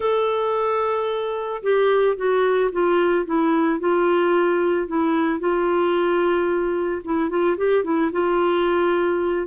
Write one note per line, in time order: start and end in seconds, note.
0.00 1.62 A4
1.62 2.16 G4
2.16 2.70 F#4
2.71 3.25 F4
3.25 3.79 E4
3.79 4.87 F4
4.87 5.39 E4
5.39 7.01 F4
7.04 7.29 E4
7.29 7.56 F4
7.57 7.84 G4
7.84 8.11 E4
8.12 9.47 F4